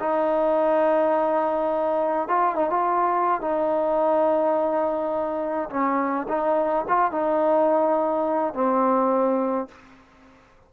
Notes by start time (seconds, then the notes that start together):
0.00 D#4
2.29 F4
2.56 D#4
2.70 F4
3.41 D#4
5.70 C#4
6.29 D#4
6.89 F4
7.12 D#4
8.54 C4